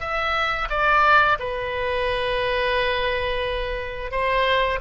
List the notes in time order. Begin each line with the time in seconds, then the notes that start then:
0.00 E5
0.70 D5
1.39 B4
4.11 C5